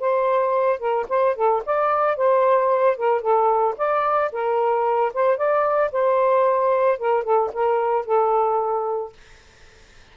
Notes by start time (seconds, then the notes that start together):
0.00 C5
0.80 A#4
1.09 C5
1.36 A4
1.66 D5
2.17 C5
2.97 A#4
3.21 A4
3.78 D5
4.32 A#4
5.14 C5
5.38 D5
5.92 C5
6.99 A#4
7.24 A4
7.54 A#4
8.06 A4